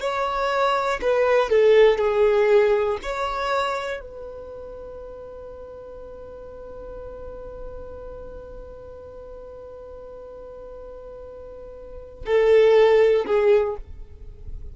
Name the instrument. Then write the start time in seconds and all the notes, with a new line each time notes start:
violin
0.00 C#5
1.01 B4
1.50 A4
1.98 G#4
3.02 C#5
4.00 B4
12.25 A4
13.26 G#4